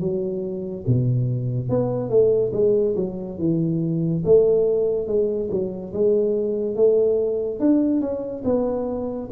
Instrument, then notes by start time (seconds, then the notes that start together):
tuba
0.00 F#3
0.87 B2
1.69 B3
2.10 A3
2.53 G#3
2.96 F#3
3.39 E3
4.25 A3
5.07 G#3
5.51 F#3
5.93 G#3
6.76 A3
7.60 D4
8.01 C#4
8.45 B3